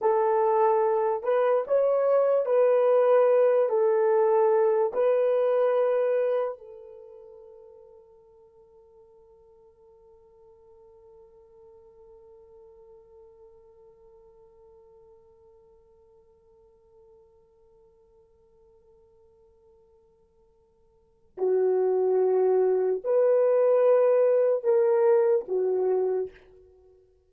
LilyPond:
\new Staff \with { instrumentName = "horn" } { \time 4/4 \tempo 4 = 73 a'4. b'8 cis''4 b'4~ | b'8 a'4. b'2 | a'1~ | a'1~ |
a'1~ | a'1~ | a'2 fis'2 | b'2 ais'4 fis'4 | }